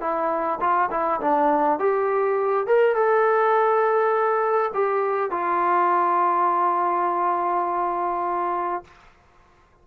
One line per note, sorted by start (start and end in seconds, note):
0.00 0.59 E4
0.60 0.89 F4
0.91 1.20 E4
1.21 1.79 D4
1.79 2.67 G4
2.67 2.95 A#4
2.95 4.71 A4
4.74 5.31 G4
5.31 8.84 F4